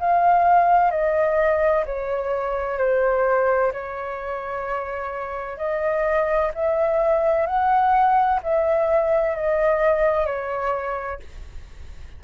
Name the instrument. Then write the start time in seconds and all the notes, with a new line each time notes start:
flute
0.00 F5
0.91 D#5
1.85 C#5
2.78 C5
3.72 C#5
5.58 D#5
6.54 E5
7.46 F#5
8.43 E5
9.36 D#5
10.26 C#5